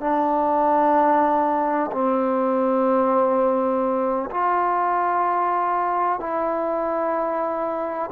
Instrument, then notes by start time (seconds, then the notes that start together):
trombone
0.00 D4
1.91 C4
4.30 F4
6.19 E4